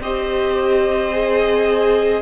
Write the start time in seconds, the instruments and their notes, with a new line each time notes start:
0.00 cello C4, viola G4, violin C5 D#5
1.12 viola G#4